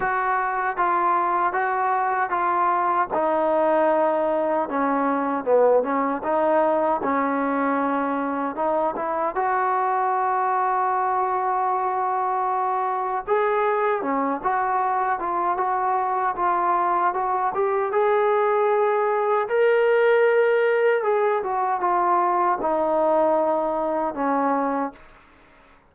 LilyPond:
\new Staff \with { instrumentName = "trombone" } { \time 4/4 \tempo 4 = 77 fis'4 f'4 fis'4 f'4 | dis'2 cis'4 b8 cis'8 | dis'4 cis'2 dis'8 e'8 | fis'1~ |
fis'4 gis'4 cis'8 fis'4 f'8 | fis'4 f'4 fis'8 g'8 gis'4~ | gis'4 ais'2 gis'8 fis'8 | f'4 dis'2 cis'4 | }